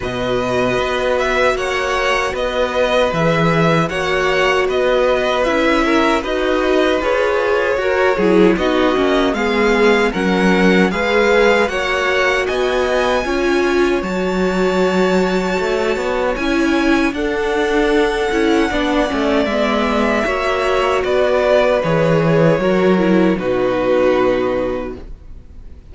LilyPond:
<<
  \new Staff \with { instrumentName = "violin" } { \time 4/4 \tempo 4 = 77 dis''4. e''8 fis''4 dis''4 | e''4 fis''4 dis''4 e''4 | dis''4 cis''2 dis''4 | f''4 fis''4 f''4 fis''4 |
gis''2 a''2~ | a''4 gis''4 fis''2~ | fis''4 e''2 d''4 | cis''2 b'2 | }
  \new Staff \with { instrumentName = "violin" } { \time 4/4 b'2 cis''4 b'4~ | b'4 cis''4 b'4. ais'8 | b'2 ais'8 gis'8 fis'4 | gis'4 ais'4 b'4 cis''4 |
dis''4 cis''2.~ | cis''2 a'2 | d''2 cis''4 b'4~ | b'4 ais'4 fis'2 | }
  \new Staff \with { instrumentName = "viola" } { \time 4/4 fis'1 | gis'4 fis'2 e'4 | fis'4 gis'4 fis'8 e'8 dis'8 cis'8 | b4 cis'4 gis'4 fis'4~ |
fis'4 f'4 fis'2~ | fis'4 e'4 d'4. e'8 | d'8 cis'8 b4 fis'2 | gis'4 fis'8 e'8 dis'2 | }
  \new Staff \with { instrumentName = "cello" } { \time 4/4 b,4 b4 ais4 b4 | e4 ais4 b4 cis'4 | dis'4 f'4 fis'8 fis8 b8 ais8 | gis4 fis4 gis4 ais4 |
b4 cis'4 fis2 | a8 b8 cis'4 d'4. cis'8 | b8 a8 gis4 ais4 b4 | e4 fis4 b,2 | }
>>